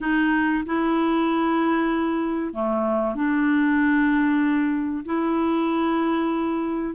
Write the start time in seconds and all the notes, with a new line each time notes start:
0.01 D#4
0.65 E4
2.53 A3
3.15 D4
5.05 E4